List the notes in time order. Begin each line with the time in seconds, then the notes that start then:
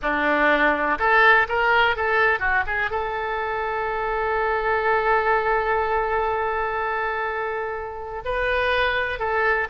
0.01 D4
0.98 A4
1.48 A#4
1.96 A4
2.39 F#4
2.66 G#4
2.90 A4
8.24 B4
9.19 A4